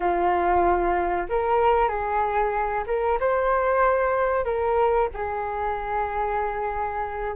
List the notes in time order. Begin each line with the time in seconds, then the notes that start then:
0.00 F4
1.29 A#4
1.88 G#4
2.86 A#4
3.20 C5
4.44 A#4
5.14 G#4